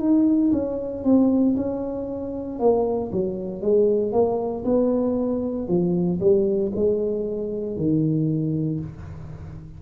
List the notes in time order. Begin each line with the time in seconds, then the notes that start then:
0.00 D#4
0.53 C#4
1.04 C4
1.57 C#4
2.60 A#3
3.12 F#3
3.62 G#3
4.13 A#3
4.65 B3
5.68 F3
6.21 G3
6.76 G#3
7.77 D#3